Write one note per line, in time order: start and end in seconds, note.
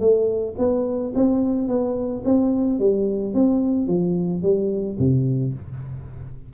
0.00 0.55 A3
0.58 1.13 B3
1.15 1.68 C4
1.68 2.23 B3
2.25 2.79 C4
2.79 3.34 G3
3.34 3.87 C4
3.87 4.42 F3
4.42 4.97 G3
4.99 5.54 C3